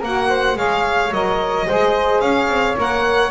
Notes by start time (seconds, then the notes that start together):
0.00 A#3 F#4 A#4 F#5
0.29 C5
0.55 G#3 G#4 C#5 F5
1.11 F#3 A#4 D#5
1.67 G#3 G#4 C5
2.21 C#4 C#5 F5
2.48 C4
2.77 A#3 A#4 F#5